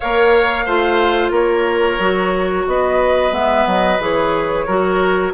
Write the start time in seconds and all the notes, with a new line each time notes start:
0.00 A#3 A#4 C#5 F5
0.65 A3 F4 C5
1.30 A#3 A#4 C#5
1.98 F#3 F#4
2.67 B3 B4 D#5
3.31 G#3 B3 E5
3.66 F#3 D#5
3.99 E3 G#4 C#5
4.65 F#3 F#4 A#4